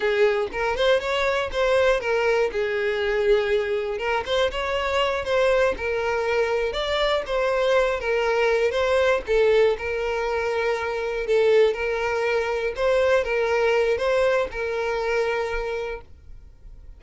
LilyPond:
\new Staff \with { instrumentName = "violin" } { \time 4/4 \tempo 4 = 120 gis'4 ais'8 c''8 cis''4 c''4 | ais'4 gis'2. | ais'8 c''8 cis''4. c''4 ais'8~ | ais'4. d''4 c''4. |
ais'4. c''4 a'4 ais'8~ | ais'2~ ais'8 a'4 ais'8~ | ais'4. c''4 ais'4. | c''4 ais'2. | }